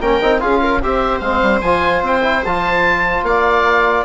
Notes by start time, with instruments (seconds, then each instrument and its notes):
0.00 bassoon A#3, trombone C#4, viola A#4, oboe G5
0.22 bassoon C4, trombone D#4
0.41 bassoon C#4, trombone F4, viola G#4, oboe F5
0.62 viola A#4
0.82 bassoon C4, trombone G4, viola C5, oboe E5
1.19 bassoon G#3, trombone C4, oboe F5
1.42 bassoon G3
1.61 bassoon F3, trombone F4, oboe G#5
2.02 bassoon C4, oboe G5
2.22 trombone E4
2.45 bassoon F3, trombone F4, oboe A5
3.23 bassoon A#3, viola D5, oboe F5